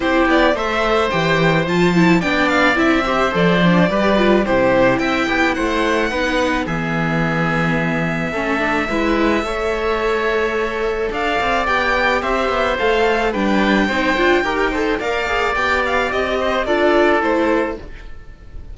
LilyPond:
<<
  \new Staff \with { instrumentName = "violin" } { \time 4/4 \tempo 4 = 108 c''8 d''8 e''4 g''4 a''4 | g''8 f''8 e''4 d''2 | c''4 g''4 fis''2 | e''1~ |
e''1 | f''4 g''4 e''4 f''4 | g''2. f''4 | g''8 f''8 dis''4 d''4 c''4 | }
  \new Staff \with { instrumentName = "oboe" } { \time 4/4 g'4 c''2. | d''4. c''4. b'4 | g'4 e''8 g'8 c''4 b'4 | gis'2. a'4 |
b'4 cis''2. | d''2 c''2 | b'4 c''4 ais'8 c''8 d''4~ | d''4. c''8 a'2 | }
  \new Staff \with { instrumentName = "viola" } { \time 4/4 e'4 a'4 g'4 f'8 e'8 | d'4 e'8 g'8 a'8 d'8 g'8 f'8 | e'2. dis'4 | b2. cis'8 d'8 |
e'4 a'2.~ | a'4 g'2 a'4 | d'4 dis'8 f'8 g'8 a'8 ais'8 gis'8 | g'2 f'4 e'4 | }
  \new Staff \with { instrumentName = "cello" } { \time 4/4 c'8 b8 a4 e4 f4 | b4 c'4 f4 g4 | c4 c'8 b8 a4 b4 | e2. a4 |
gis4 a2. | d'8 c'8 b4 c'8 b8 a4 | g4 c'8 d'8 dis'4 ais4 | b4 c'4 d'4 a4 | }
>>